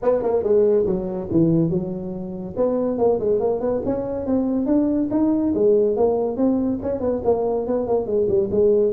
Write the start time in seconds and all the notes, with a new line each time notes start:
0.02 B3
0.22 A#3
0.43 G#3
0.86 F#3
1.31 E3
1.69 F#3
2.56 B3
2.97 A#3
3.19 G#3
3.39 A#3
3.60 B3
3.85 C#4
4.26 C4
4.66 D4
5.10 D#4
5.54 G#3
5.96 A#3
6.36 C4
6.82 C#4
7.00 B3
7.24 A#3
7.66 B3
7.87 A#3
8.06 G#3
8.28 G3
8.51 G#3